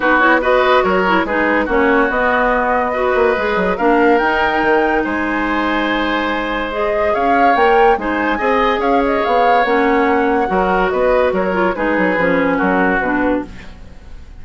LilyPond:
<<
  \new Staff \with { instrumentName = "flute" } { \time 4/4 \tempo 4 = 143 b'8 cis''8 dis''4 cis''4 b'4 | cis''4 dis''2.~ | dis''4 f''4 g''2 | gis''1 |
dis''4 f''4 g''4 gis''4~ | gis''4 f''8 dis''8 f''4 fis''4~ | fis''2 dis''4 cis''4 | b'2 ais'4 b'4 | }
  \new Staff \with { instrumentName = "oboe" } { \time 4/4 fis'4 b'4 ais'4 gis'4 | fis'2. b'4~ | b'4 ais'2. | c''1~ |
c''4 cis''2 c''4 | dis''4 cis''2.~ | cis''4 ais'4 b'4 ais'4 | gis'2 fis'2 | }
  \new Staff \with { instrumentName = "clarinet" } { \time 4/4 dis'8 e'8 fis'4. e'8 dis'4 | cis'4 b2 fis'4 | gis'4 d'4 dis'2~ | dis'1 |
gis'2 ais'4 dis'4 | gis'2. cis'4~ | cis'4 fis'2~ fis'8 f'8 | dis'4 cis'2 d'4 | }
  \new Staff \with { instrumentName = "bassoon" } { \time 4/4 b2 fis4 gis4 | ais4 b2~ b8 ais8 | gis8 fis8 ais4 dis'4 dis4 | gis1~ |
gis4 cis'4 ais4 gis4 | c'4 cis'4 b4 ais4~ | ais4 fis4 b4 fis4 | gis8 fis8 f4 fis4 b,4 | }
>>